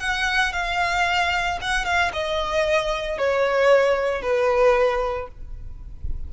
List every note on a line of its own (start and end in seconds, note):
0.00 0.53 F#5
0.53 1.59 F5
1.62 1.85 F#5
1.85 2.12 F5
2.14 3.19 D#5
3.19 4.22 C#5
4.22 5.28 B4